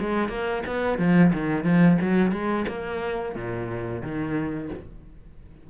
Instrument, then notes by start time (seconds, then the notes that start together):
cello
0.00 G#3
0.29 A#3
0.66 B3
0.99 F3
1.33 D#3
1.64 F3
2.01 F#3
2.32 G#3
2.68 A#3
3.35 A#2
4.02 D#3